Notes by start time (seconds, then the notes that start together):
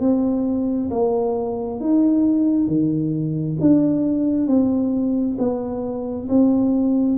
0.00 C4
0.90 A#3
1.80 D#4
2.67 D#3
3.60 D4
4.47 C4
5.39 B3
6.29 C4